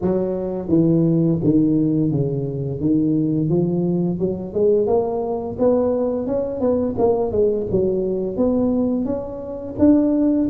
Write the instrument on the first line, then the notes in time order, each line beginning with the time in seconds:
tuba
0.01 F#3
0.68 E3
1.43 D#3
2.11 C#3
2.80 D#3
3.49 F3
4.18 F#3
4.53 G#3
4.86 A#3
5.58 B3
6.26 C#4
6.60 B3
6.98 A#3
7.31 G#3
7.71 F#3
8.36 B3
9.05 C#4
9.79 D4